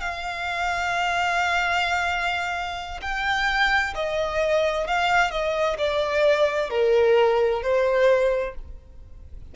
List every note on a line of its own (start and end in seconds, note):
0.00 3.00 F5
3.01 3.94 G5
3.94 4.87 D#5
4.87 5.30 F5
5.30 5.77 D#5
5.78 6.70 D5
6.70 7.62 A#4
7.62 8.55 C5